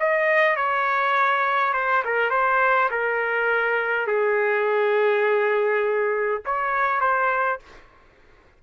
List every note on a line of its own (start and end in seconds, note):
0.00 0.57 D#5
0.57 1.74 C#5
1.74 2.03 C5
2.05 2.31 A#4
2.31 2.90 C5
2.91 4.07 A#4
4.07 6.43 G#4
6.45 7.01 C#5
7.01 7.60 C5